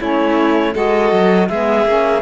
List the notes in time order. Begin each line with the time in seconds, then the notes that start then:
0.00 A3 C#4 E4 C#5
0.73 G#3 F#4 A4 D#5
1.12 F#3
1.49 G#3 B3 G#4 E5
1.85 A#3 C#4